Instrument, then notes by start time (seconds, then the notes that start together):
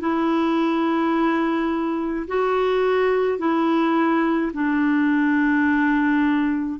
clarinet
0.00 E4
2.27 F#4
3.39 E4
4.53 D4